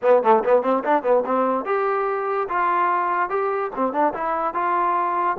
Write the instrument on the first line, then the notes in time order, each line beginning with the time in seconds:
trombone
0.02 B3
0.23 A3
0.43 B3
0.62 C4
0.84 D4
1.03 B3
1.25 C4
1.65 G4
2.48 F4
3.29 G4
3.75 C4
3.92 D4
4.13 E4
4.54 F4